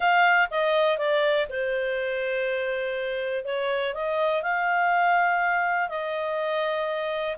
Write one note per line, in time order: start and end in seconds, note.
0.00 0.49 F5
0.50 0.97 D#5
0.97 1.47 D5
1.49 3.44 C5
3.44 3.93 C#5
3.94 4.42 D#5
4.42 5.89 F5
5.89 7.36 D#5